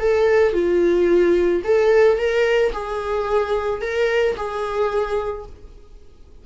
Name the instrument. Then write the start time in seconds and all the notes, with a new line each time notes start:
viola
0.00 A4
0.53 F4
1.65 A4
2.18 A#4
2.73 G#4
3.82 A#4
4.37 G#4